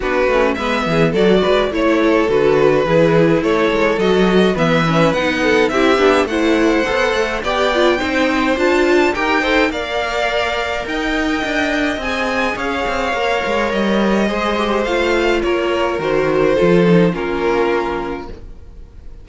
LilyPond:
<<
  \new Staff \with { instrumentName = "violin" } { \time 4/4 \tempo 4 = 105 b'4 e''4 d''4 cis''4 | b'2 cis''4 dis''4 | e''4 fis''4 e''4 fis''4~ | fis''4 g''2 a''4 |
g''4 f''2 g''4~ | g''4 gis''4 f''2 | dis''2 f''4 cis''4 | c''2 ais'2 | }
  \new Staff \with { instrumentName = "violin" } { \time 4/4 fis'4 b'8 gis'8 a'8 b'8 cis''8 a'8~ | a'4 gis'4 a'2 | b'4. a'8 g'4 c''4~ | c''4 d''4 c''2 |
ais'8 c''8 d''2 dis''4~ | dis''2 cis''2~ | cis''4 c''2 ais'4~ | ais'4 a'4 f'2 | }
  \new Staff \with { instrumentName = "viola" } { \time 4/4 d'8 cis'8 b4 fis'4 e'4 | fis'4 e'2 fis'4 | b8 cis'8 dis'4 e'8 d'8 e'4 | a'4 g'8 f'8 dis'4 f'4 |
g'8 a'8 ais'2.~ | ais'4 gis'2 ais'4~ | ais'4 gis'8 g'8 f'2 | fis'4 f'8 dis'8 cis'2 | }
  \new Staff \with { instrumentName = "cello" } { \time 4/4 b8 a8 gis8 e8 fis8 gis8 a4 | d4 e4 a8 gis8 fis4 | e4 b4 c'8 b8 a4 | b8 a8 b4 c'4 d'4 |
dis'4 ais2 dis'4 | d'4 c'4 cis'8 c'8 ais8 gis8 | g4 gis4 a4 ais4 | dis4 f4 ais2 | }
>>